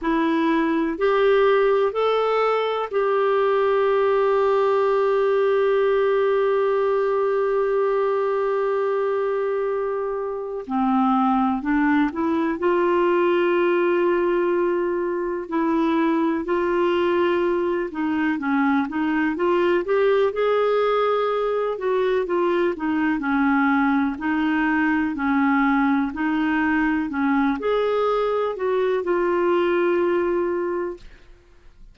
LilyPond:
\new Staff \with { instrumentName = "clarinet" } { \time 4/4 \tempo 4 = 62 e'4 g'4 a'4 g'4~ | g'1~ | g'2. c'4 | d'8 e'8 f'2. |
e'4 f'4. dis'8 cis'8 dis'8 | f'8 g'8 gis'4. fis'8 f'8 dis'8 | cis'4 dis'4 cis'4 dis'4 | cis'8 gis'4 fis'8 f'2 | }